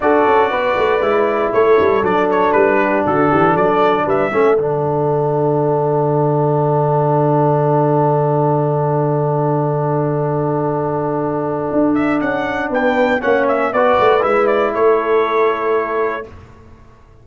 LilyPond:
<<
  \new Staff \with { instrumentName = "trumpet" } { \time 4/4 \tempo 4 = 118 d''2. cis''4 | d''8 cis''8 b'4 a'4 d''4 | e''4 fis''2.~ | fis''1~ |
fis''1~ | fis''2.~ fis''8 e''8 | fis''4 g''4 fis''8 e''8 d''4 | e''8 d''8 cis''2. | }
  \new Staff \with { instrumentName = "horn" } { \time 4/4 a'4 b'2 a'4~ | a'4. g'8 fis'8 g'8 a'4 | b'8 a'2.~ a'8~ | a'1~ |
a'1~ | a'1~ | a'4 b'4 cis''4 b'4~ | b'4 a'2. | }
  \new Staff \with { instrumentName = "trombone" } { \time 4/4 fis'2 e'2 | d'1~ | d'8 cis'8 d'2.~ | d'1~ |
d'1~ | d'1~ | d'2 cis'4 fis'4 | e'1 | }
  \new Staff \with { instrumentName = "tuba" } { \time 4/4 d'8 cis'8 b8 a8 gis4 a8 g8 | fis4 g4 d8 e8 fis4 | g8 a8 d2.~ | d1~ |
d1~ | d2. d'4 | cis'4 b4 ais4 b8 a8 | gis4 a2. | }
>>